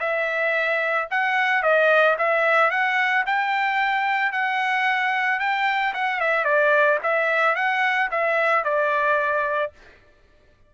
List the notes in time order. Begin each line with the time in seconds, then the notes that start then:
0.00 E5
1.11 F#5
1.63 D#5
2.18 E5
2.71 F#5
3.26 G5
4.32 F#5
5.40 G5
5.94 F#5
6.20 E5
6.45 D5
7.03 E5
7.56 F#5
8.11 E5
8.64 D5